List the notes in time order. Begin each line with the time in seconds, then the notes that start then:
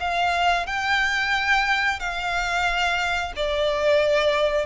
0.00 F5
0.67 G5
2.00 F5
3.36 D5